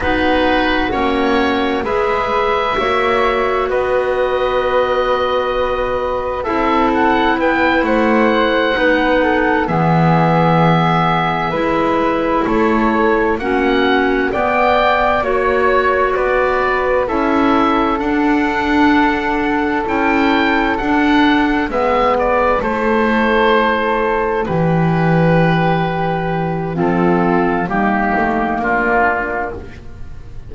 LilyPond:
<<
  \new Staff \with { instrumentName = "oboe" } { \time 4/4 \tempo 4 = 65 b'4 cis''4 e''2 | dis''2. e''8 fis''8 | g''8 fis''2 e''4.~ | e''4. cis''4 fis''4 g''8~ |
g''8 cis''4 d''4 e''4 fis''8~ | fis''4. g''4 fis''4 e''8 | d''8 c''2 b'4.~ | b'4 a'4 g'4 f'4 | }
  \new Staff \with { instrumentName = "flute" } { \time 4/4 fis'2 b'4 cis''4 | b'2. a'4 | b'8 c''4 b'8 a'8 gis'4.~ | gis'8 b'4 a'4 fis'4 d''8~ |
d''8 cis''4 b'4 a'4.~ | a'2.~ a'8 b'8~ | b'8 a'2 g'4.~ | g'4 f'4 dis'4 d'4 | }
  \new Staff \with { instrumentName = "clarinet" } { \time 4/4 dis'4 cis'4 gis'4 fis'4~ | fis'2. e'4~ | e'4. dis'4 b4.~ | b8 e'2 cis'4 b8~ |
b8 fis'2 e'4 d'8~ | d'4. e'4 d'4 b8~ | b8 e'2.~ e'8~ | e'4 c'4 ais2 | }
  \new Staff \with { instrumentName = "double bass" } { \time 4/4 b4 ais4 gis4 ais4 | b2. c'4 | b8 a4 b4 e4.~ | e8 gis4 a4 ais4 b8~ |
b8 ais4 b4 cis'4 d'8~ | d'4. cis'4 d'4 gis8~ | gis8 a2 e4.~ | e4 f4 g8 a8 ais4 | }
>>